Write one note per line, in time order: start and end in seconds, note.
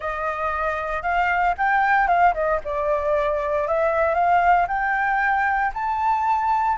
0.00 1.02 D#5
1.02 1.54 F5
1.57 2.07 G5
2.07 2.33 F5
2.34 2.60 D#5
2.64 3.67 D5
3.67 4.14 E5
4.14 4.66 F5
4.67 5.72 G5
5.74 6.77 A5